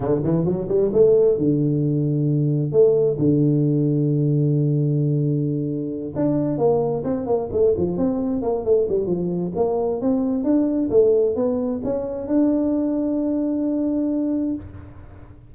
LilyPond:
\new Staff \with { instrumentName = "tuba" } { \time 4/4 \tempo 4 = 132 d8 e8 fis8 g8 a4 d4~ | d2 a4 d4~ | d1~ | d4. d'4 ais4 c'8 |
ais8 a8 f8 c'4 ais8 a8 g8 | f4 ais4 c'4 d'4 | a4 b4 cis'4 d'4~ | d'1 | }